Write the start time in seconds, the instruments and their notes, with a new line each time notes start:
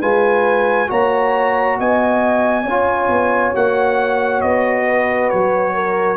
0.00 tuba G#3, trombone F4, horn B4, trumpet G#5
0.87 tuba A#3, trombone F#4, horn C#5, trumpet A#5
1.79 tuba B3, horn D#5, trumpet G#5
2.63 tuba C#4, trombone F4, horn C#5
3.08 tuba B3
3.53 tuba A#3, trombone F#4, trumpet F#5
4.41 tuba B3, trumpet D#5
4.86 horn B4
5.29 tuba F#3, trumpet C#5
5.74 horn A#4